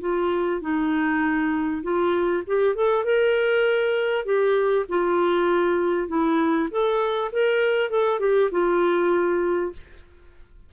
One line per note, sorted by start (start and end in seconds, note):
0.00 0.61 F4
0.61 1.82 D#4
1.82 2.43 F4
2.46 2.75 G4
2.75 3.04 A4
3.04 4.25 A#4
4.25 4.85 G4
4.88 6.08 F4
6.08 6.68 E4
6.70 7.31 A4
7.31 7.90 A#4
7.90 8.19 A4
8.19 8.50 G4
8.51 9.72 F4